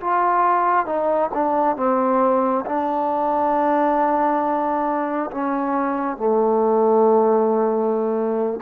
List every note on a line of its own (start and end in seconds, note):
0.00 0.85 F4
0.85 1.30 D#4
1.34 1.76 D4
1.76 2.64 C4
2.65 5.30 D4
5.31 6.17 C#4
6.17 8.59 A3